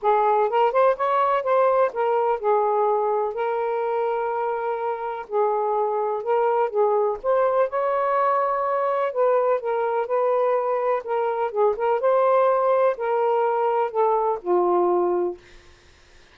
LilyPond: \new Staff \with { instrumentName = "saxophone" } { \time 4/4 \tempo 4 = 125 gis'4 ais'8 c''8 cis''4 c''4 | ais'4 gis'2 ais'4~ | ais'2. gis'4~ | gis'4 ais'4 gis'4 c''4 |
cis''2. b'4 | ais'4 b'2 ais'4 | gis'8 ais'8 c''2 ais'4~ | ais'4 a'4 f'2 | }